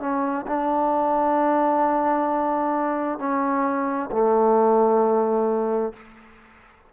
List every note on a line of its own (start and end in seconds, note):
0.00 0.45 C#4
0.47 3.19 D4
3.19 4.10 C#4
4.12 5.93 A3